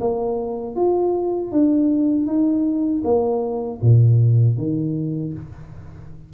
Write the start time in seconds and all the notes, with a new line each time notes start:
0.00 A#3
0.76 F4
1.52 D4
2.26 D#4
3.04 A#3
3.81 A#2
4.57 D#3